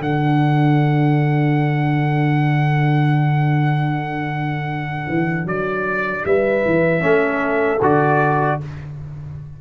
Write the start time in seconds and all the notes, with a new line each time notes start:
0.00 D3 D4 A4 F#5
5.09 E3
5.45 F#3 D5
6.25 G3 B4 E5
6.65 E3
7.00 A3 C#4 A4
7.82 D3 F#4 D5